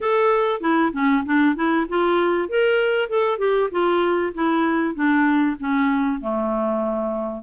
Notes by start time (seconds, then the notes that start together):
0.00 A4
0.60 E4
0.92 C#4
1.25 D4
1.55 E4
1.88 F4
2.48 A#4
3.09 A4
3.38 G4
3.71 F4
4.34 E4
4.94 D4
5.59 C#4
6.20 A3